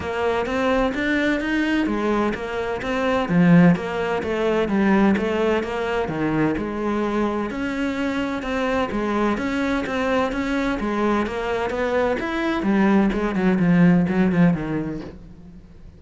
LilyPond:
\new Staff \with { instrumentName = "cello" } { \time 4/4 \tempo 4 = 128 ais4 c'4 d'4 dis'4 | gis4 ais4 c'4 f4 | ais4 a4 g4 a4 | ais4 dis4 gis2 |
cis'2 c'4 gis4 | cis'4 c'4 cis'4 gis4 | ais4 b4 e'4 g4 | gis8 fis8 f4 fis8 f8 dis4 | }